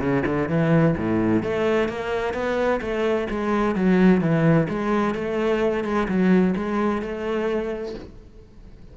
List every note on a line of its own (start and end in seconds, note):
0.00 0.23 C#3
0.26 0.49 D3
0.49 0.95 E3
0.97 1.43 A2
1.43 1.89 A3
1.89 2.34 A#3
2.34 2.81 B3
2.81 3.28 A3
3.31 3.76 G#3
3.76 4.21 F#3
4.21 4.68 E3
4.69 5.15 G#3
5.15 5.85 A3
5.85 6.08 G#3
6.08 6.55 F#3
6.57 7.02 G#3
7.02 7.95 A3